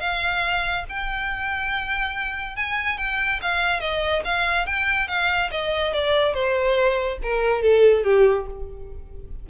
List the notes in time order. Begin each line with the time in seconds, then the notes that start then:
0.00 F5
0.89 G5
2.56 G#5
2.98 G5
3.41 F5
3.80 D#5
4.24 F5
4.66 G5
5.08 F5
5.51 D#5
5.93 D5
6.33 C5
7.22 A#4
7.62 A4
8.04 G4